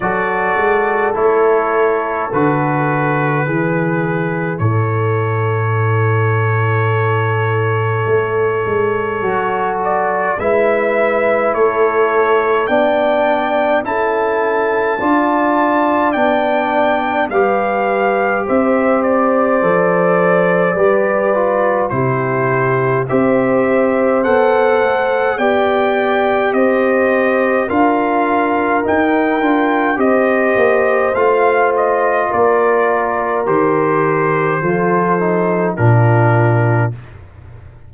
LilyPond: <<
  \new Staff \with { instrumentName = "trumpet" } { \time 4/4 \tempo 4 = 52 d''4 cis''4 b'2 | cis''1~ | cis''8 d''8 e''4 cis''4 g''4 | a''2 g''4 f''4 |
e''8 d''2~ d''8 c''4 | e''4 fis''4 g''4 dis''4 | f''4 g''4 dis''4 f''8 dis''8 | d''4 c''2 ais'4 | }
  \new Staff \with { instrumentName = "horn" } { \time 4/4 a'2. gis'4 | a'1~ | a'4 b'4 a'4 d''4 | a'4 d''2 b'4 |
c''2 b'4 g'4 | c''2 d''4 c''4 | ais'2 c''2 | ais'2 a'4 f'4 | }
  \new Staff \with { instrumentName = "trombone" } { \time 4/4 fis'4 e'4 fis'4 e'4~ | e'1 | fis'4 e'2 d'4 | e'4 f'4 d'4 g'4~ |
g'4 a'4 g'8 f'8 e'4 | g'4 a'4 g'2 | f'4 dis'8 f'8 g'4 f'4~ | f'4 g'4 f'8 dis'8 d'4 | }
  \new Staff \with { instrumentName = "tuba" } { \time 4/4 fis8 gis8 a4 d4 e4 | a,2. a8 gis8 | fis4 gis4 a4 b4 | cis'4 d'4 b4 g4 |
c'4 f4 g4 c4 | c'4 b8 a8 b4 c'4 | d'4 dis'8 d'8 c'8 ais8 a4 | ais4 dis4 f4 ais,4 | }
>>